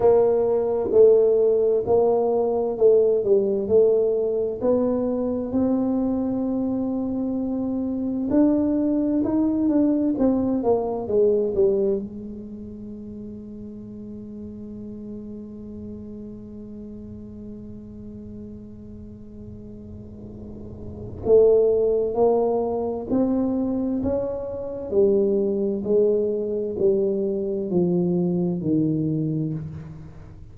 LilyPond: \new Staff \with { instrumentName = "tuba" } { \time 4/4 \tempo 4 = 65 ais4 a4 ais4 a8 g8 | a4 b4 c'2~ | c'4 d'4 dis'8 d'8 c'8 ais8 | gis8 g8 gis2.~ |
gis1~ | gis2. a4 | ais4 c'4 cis'4 g4 | gis4 g4 f4 dis4 | }